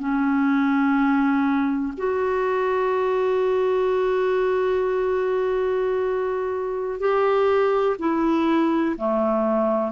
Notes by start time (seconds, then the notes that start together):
0.00 C#4
1.98 F#4
7.00 G4
8.00 E4
8.98 A3